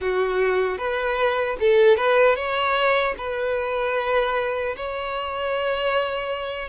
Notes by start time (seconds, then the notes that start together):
0.00 F#4
0.78 B4
1.60 A4
1.96 B4
2.35 C#5
3.17 B4
4.76 C#5